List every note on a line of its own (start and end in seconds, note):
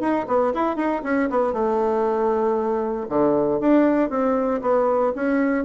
0.00 0.26 D#4
0.27 0.53 B3
0.54 0.76 E4
0.76 1.02 D#4
1.03 1.29 C#4
1.30 1.53 B3
1.53 3.07 A3
3.09 3.60 D3
3.60 4.10 D4
4.10 4.61 C4
4.62 5.13 B3
5.15 5.65 C#4